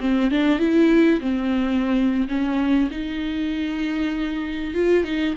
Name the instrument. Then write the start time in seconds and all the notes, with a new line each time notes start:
viola
0.00 C4
0.31 D4
0.59 E4
1.21 C4
2.28 C#4
2.90 D#4
4.74 F4
5.04 D#4